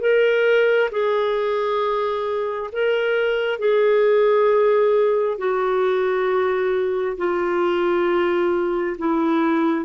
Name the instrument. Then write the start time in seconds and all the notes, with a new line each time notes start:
clarinet
0.00 A#4
0.91 G#4
2.72 A#4
3.59 G#4
5.38 F#4
7.18 F4
8.98 E4